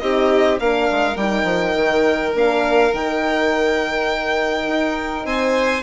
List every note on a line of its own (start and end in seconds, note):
0.00 0.60 C4
0.00 0.58 D#4
0.00 0.61 G4
0.00 0.58 D#5
0.58 0.89 A#3
0.58 1.17 D4
0.58 5.26 A#4
0.58 1.17 F5
0.91 1.16 G#3
1.16 1.44 G3
1.16 2.35 D#4
1.16 2.34 G5
1.44 1.73 F3
1.76 2.35 D#3
2.35 2.93 A#3
2.35 2.93 D4
2.35 2.95 F5
2.93 4.67 D#3
2.93 5.84 D#4
2.93 5.26 G5
4.67 5.25 D#4
5.25 5.83 C4
5.25 5.84 C5
5.25 5.84 G#5